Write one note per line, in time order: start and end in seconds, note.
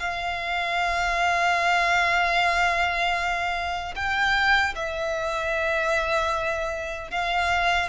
0.00 3.95 F5
3.95 4.74 G5
4.75 7.11 E5
7.11 7.89 F5